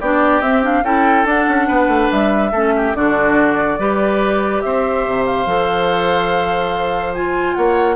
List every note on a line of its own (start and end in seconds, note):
0.00 0.41 B3
0.00 0.43 D4
0.00 0.84 G4
0.00 0.42 D5
0.41 0.83 C4
0.41 0.63 C4
0.41 0.62 E5
0.63 0.84 D4
0.63 0.85 F5
0.83 1.25 C#4
0.83 1.26 E4
0.83 1.67 A4
0.83 1.26 G5
1.25 1.46 D4
1.25 2.52 D4
1.25 2.12 F#5
1.48 1.69 C#4
1.67 1.88 B3
1.67 2.51 B4
1.88 2.09 A3
2.12 2.52 G3
2.12 2.95 E5
2.52 2.94 A3
2.52 2.94 C#4
2.52 2.73 A4
2.76 2.97 G4
2.94 3.78 D3
2.94 3.78 D4
2.94 3.79 F#4
2.94 4.61 D5
3.78 4.62 G3
3.78 5.47 G4
3.78 4.63 B4
4.61 5.06 C4
4.61 7.57 C5
4.61 5.24 E5
5.06 5.46 C3
5.26 7.14 F5
5.46 7.56 F3
5.46 7.15 A4
7.14 7.96 F4
7.14 7.54 G#5
7.54 7.96 A#3
7.54 7.96 C#5
7.54 7.96 F#5